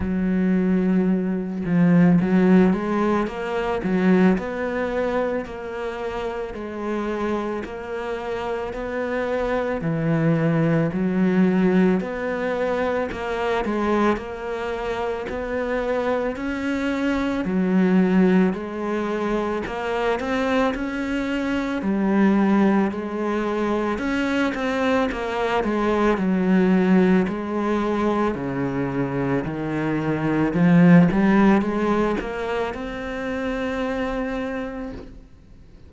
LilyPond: \new Staff \with { instrumentName = "cello" } { \time 4/4 \tempo 4 = 55 fis4. f8 fis8 gis8 ais8 fis8 | b4 ais4 gis4 ais4 | b4 e4 fis4 b4 | ais8 gis8 ais4 b4 cis'4 |
fis4 gis4 ais8 c'8 cis'4 | g4 gis4 cis'8 c'8 ais8 gis8 | fis4 gis4 cis4 dis4 | f8 g8 gis8 ais8 c'2 | }